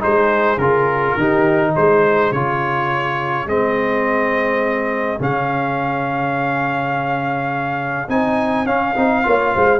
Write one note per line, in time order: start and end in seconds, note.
0.00 0.58 G#3
0.00 0.58 D#4
0.00 1.17 G#4
0.00 0.59 C5
0.58 1.16 C#3
0.58 1.19 F4
0.58 1.74 A#4
1.17 1.75 D#3
1.17 2.35 D#4
1.17 1.72 G4
1.72 2.32 G#3
1.72 9.22 G#4
1.72 2.33 C5
2.32 3.46 C#3
2.32 3.48 F4
2.32 3.48 C#5
3.46 5.19 G#3
3.46 5.20 C4
3.46 5.22 D#5
5.20 8.09 C#3
5.20 8.08 C#4
5.20 8.10 F5
8.09 8.66 C4
8.09 8.66 D#4
8.09 8.67 G#5
8.66 8.95 C#4
8.66 9.80 F5
8.96 9.26 C4
8.96 9.24 D#4
9.24 9.55 A#3
9.24 9.80 F4
9.24 9.55 C#5
9.55 9.80 G#3
9.55 9.80 C5